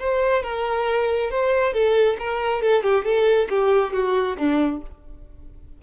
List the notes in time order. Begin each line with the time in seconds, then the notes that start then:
0.00 C5
0.43 A#4
1.31 C5
1.74 A4
2.20 A#4
2.62 A4
2.83 G4
3.05 A4
3.50 G4
3.94 F#4
4.38 D4